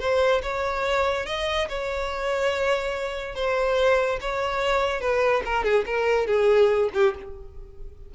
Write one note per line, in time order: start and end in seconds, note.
0.00 0.42 C5
0.43 1.26 C#5
1.26 1.68 D#5
1.69 3.36 C#5
3.36 4.20 C5
4.21 5.01 C#5
5.01 5.43 B4
5.46 5.64 A#4
5.64 5.85 G#4
5.86 6.27 A#4
6.27 6.90 G#4
6.94 7.15 G4